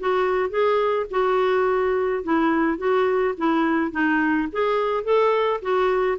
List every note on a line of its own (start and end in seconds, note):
0.00 0.50 F#4
0.50 1.06 G#4
1.11 2.23 F#4
2.23 2.78 E4
2.78 3.34 F#4
3.37 3.92 E4
3.92 4.48 D#4
4.52 5.04 G#4
5.04 5.61 A4
5.62 6.18 F#4